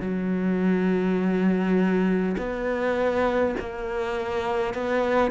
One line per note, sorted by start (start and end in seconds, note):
0.00 2.35 F#3
2.37 3.55 B3
3.59 4.74 A#3
4.74 5.31 B3